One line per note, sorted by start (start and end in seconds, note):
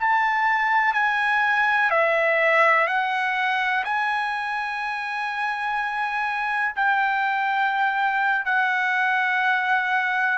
0.00 0.94 A5
0.94 1.90 G#5
1.91 2.88 E5
2.88 3.84 F#5
3.85 6.75 G#5
6.76 8.45 G5
8.45 10.39 F#5